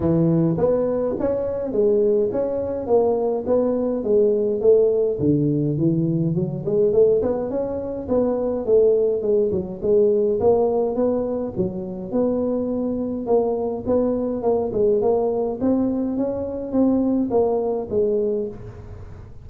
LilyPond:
\new Staff \with { instrumentName = "tuba" } { \time 4/4 \tempo 4 = 104 e4 b4 cis'4 gis4 | cis'4 ais4 b4 gis4 | a4 d4 e4 fis8 gis8 | a8 b8 cis'4 b4 a4 |
gis8 fis8 gis4 ais4 b4 | fis4 b2 ais4 | b4 ais8 gis8 ais4 c'4 | cis'4 c'4 ais4 gis4 | }